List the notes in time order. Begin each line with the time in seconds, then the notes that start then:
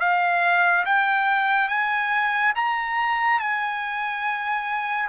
0.00 F5
0.86 G5
1.69 G#5
2.55 A#5
3.40 G#5